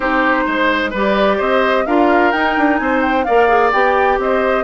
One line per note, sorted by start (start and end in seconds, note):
0.00 0.45 C4
0.00 0.92 D#4
0.00 0.44 G4
0.00 0.93 C5
0.46 0.93 G#3
0.46 0.90 C5
0.90 1.39 G3
0.90 1.87 G4
0.90 1.37 B4
0.90 1.40 D5
1.37 1.86 C4
1.37 1.84 C5
1.37 1.86 D#5
1.86 2.33 D4
1.86 2.33 F4
1.86 2.79 A#4
1.86 2.31 F5
2.31 2.56 D#4
2.31 3.26 D#4
2.31 2.77 G5
2.57 2.80 D4
2.77 3.26 C4
2.77 3.25 C5
2.77 3.00 G#5
3.01 3.24 G5
3.24 3.72 A#3
3.24 3.48 A#4
3.24 4.18 D5
3.24 3.70 F5
3.48 3.71 G#4
3.72 4.18 B3
3.72 4.63 G4
3.72 4.19 G5
4.18 4.63 C4
4.18 4.63 C5
4.18 4.63 D#5